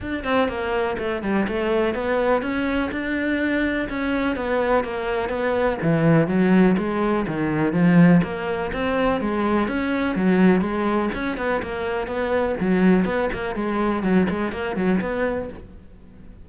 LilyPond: \new Staff \with { instrumentName = "cello" } { \time 4/4 \tempo 4 = 124 d'8 c'8 ais4 a8 g8 a4 | b4 cis'4 d'2 | cis'4 b4 ais4 b4 | e4 fis4 gis4 dis4 |
f4 ais4 c'4 gis4 | cis'4 fis4 gis4 cis'8 b8 | ais4 b4 fis4 b8 ais8 | gis4 fis8 gis8 ais8 fis8 b4 | }